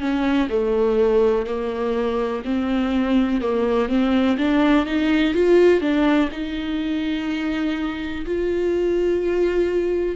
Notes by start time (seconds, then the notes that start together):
0.00 C#4
0.50 A3
1.46 A#3
2.45 C4
3.41 A#3
3.89 C4
4.38 D4
4.86 D#4
5.34 F4
5.81 D4
6.32 D#4
8.25 F4